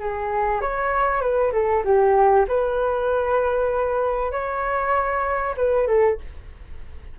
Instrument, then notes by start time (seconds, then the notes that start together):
flute
0.00 G#4
0.61 C#5
1.21 B4
1.53 A4
1.84 G4
2.48 B4
4.32 C#5
5.57 B4
5.88 A4